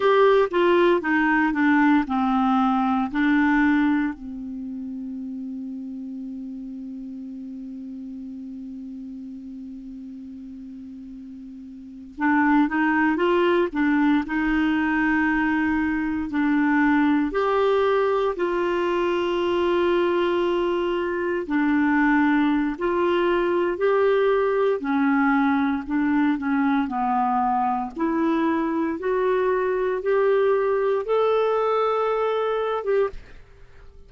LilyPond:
\new Staff \with { instrumentName = "clarinet" } { \time 4/4 \tempo 4 = 58 g'8 f'8 dis'8 d'8 c'4 d'4 | c'1~ | c'2.~ c'8. d'16~ | d'16 dis'8 f'8 d'8 dis'2 d'16~ |
d'8. g'4 f'2~ f'16~ | f'8. d'4~ d'16 f'4 g'4 | cis'4 d'8 cis'8 b4 e'4 | fis'4 g'4 a'4.~ a'16 g'16 | }